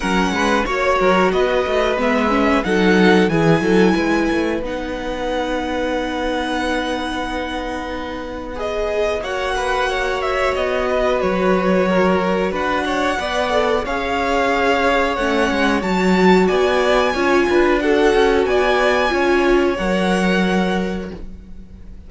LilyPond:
<<
  \new Staff \with { instrumentName = "violin" } { \time 4/4 \tempo 4 = 91 fis''4 cis''4 dis''4 e''4 | fis''4 gis''2 fis''4~ | fis''1~ | fis''4 dis''4 fis''4. e''8 |
dis''4 cis''2 fis''4~ | fis''4 f''2 fis''4 | a''4 gis''2 fis''4 | gis''2 fis''2 | }
  \new Staff \with { instrumentName = "violin" } { \time 4/4 ais'8 b'8 cis''8 ais'8 b'2 | a'4 gis'8 a'8 b'2~ | b'1~ | b'2 cis''8 b'8 cis''4~ |
cis''8 b'4. ais'4 b'8 cis''8 | d''4 cis''2.~ | cis''4 d''4 cis''8 b'8 a'4 | d''4 cis''2. | }
  \new Staff \with { instrumentName = "viola" } { \time 4/4 cis'4 fis'2 b8 cis'8 | dis'4 e'2 dis'4~ | dis'1~ | dis'4 gis'4 fis'2~ |
fis'1 | b'8 a'8 gis'2 cis'4 | fis'2 f'4 fis'4~ | fis'4 f'4 ais'2 | }
  \new Staff \with { instrumentName = "cello" } { \time 4/4 fis8 gis8 ais8 fis8 b8 a8 gis4 | fis4 e8 fis8 gis8 a8 b4~ | b1~ | b2 ais2 |
b4 fis2 d'4 | b4 cis'2 a8 gis8 | fis4 b4 cis'8 d'4 cis'8 | b4 cis'4 fis2 | }
>>